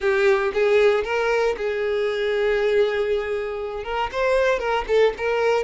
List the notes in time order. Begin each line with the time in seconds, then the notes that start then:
0.00 G4
0.53 G#4
1.04 A#4
1.57 G#4
3.84 A#4
4.12 C5
4.59 A#4
4.87 A4
5.17 A#4